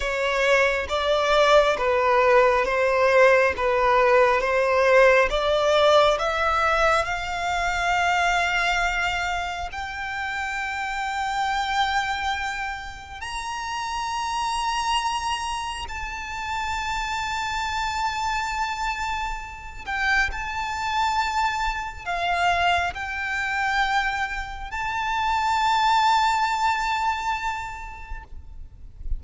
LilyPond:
\new Staff \with { instrumentName = "violin" } { \time 4/4 \tempo 4 = 68 cis''4 d''4 b'4 c''4 | b'4 c''4 d''4 e''4 | f''2. g''4~ | g''2. ais''4~ |
ais''2 a''2~ | a''2~ a''8 g''8 a''4~ | a''4 f''4 g''2 | a''1 | }